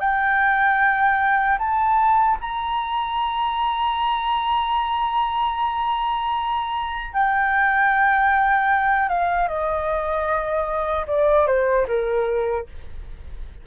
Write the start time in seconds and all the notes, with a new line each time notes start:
0.00 G5
1.58 A5
2.40 A#5
7.14 G5
9.09 F5
9.48 D#5
11.07 D5
11.47 C5
11.87 A#4